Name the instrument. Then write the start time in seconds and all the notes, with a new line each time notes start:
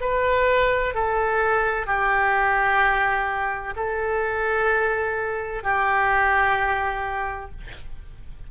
oboe
0.00 B4
0.94 A4
1.86 G4
3.75 A4
5.63 G4